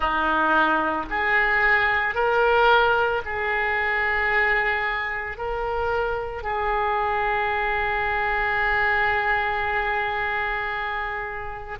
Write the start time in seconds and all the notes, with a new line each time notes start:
0.00 D#4
1.10 G#4
2.14 A#4
3.25 G#4
5.37 A#4
6.42 G#4